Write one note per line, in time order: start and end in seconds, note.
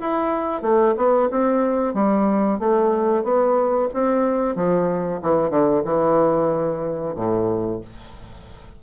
0.00 0.62 E4
0.62 0.95 A3
0.96 1.29 B3
1.31 1.94 C4
1.94 2.59 G3
2.59 3.23 A3
3.23 3.88 B3
3.93 4.55 C4
4.55 5.21 F3
5.22 5.50 E3
5.50 5.82 D3
5.85 7.15 E3
7.16 7.81 A2